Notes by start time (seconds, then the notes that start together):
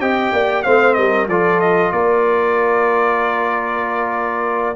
0.00 C4 G4 D#5 G5
0.33 A#3 D5
0.63 A3 C4 C5 F5
0.94 G3 A#4 D#5
1.27 F3 F4 A4 D5
1.60 D#5
1.92 A#3 A#4 D5